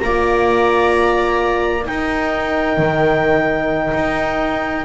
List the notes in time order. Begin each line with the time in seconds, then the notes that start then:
0.00 A#3 F4 D5 A#5
1.83 D#4 A#4 G5
2.78 D#3
3.94 D#4